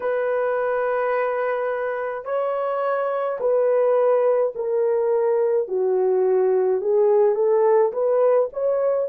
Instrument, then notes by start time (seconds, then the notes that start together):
horn
0.00 B4
2.24 C#5
3.40 B4
4.55 A#4
5.68 F#4
6.81 G#4
7.35 A4
7.92 B4
8.53 C#5